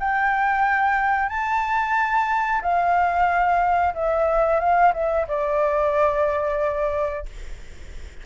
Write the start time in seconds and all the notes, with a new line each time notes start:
0.00 G5
1.29 A5
2.62 F5
3.94 E5
4.60 F5
4.94 E5
5.28 D5